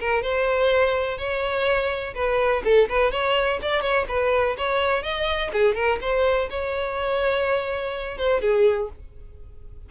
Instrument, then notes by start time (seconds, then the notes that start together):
violin
0.00 A#4
0.22 C5
1.18 C#5
2.15 B4
2.64 A4
2.89 B4
3.12 C#5
3.62 D5
3.82 C#5
4.08 B4
4.58 C#5
5.03 D#5
5.53 G#4
5.75 A#4
6.01 C5
6.50 C#5
8.18 C5
8.41 G#4